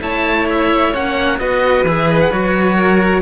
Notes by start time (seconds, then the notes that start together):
0.00 A3 E4 C#5 A5
0.49 E5
0.92 A#3 C#4 F#5
1.39 B3 F#4 B4 D#5
1.83 E3 G#4 E5
2.09 D#5
2.20 F#5
2.31 F#3 F#4 C#5
2.75 A#4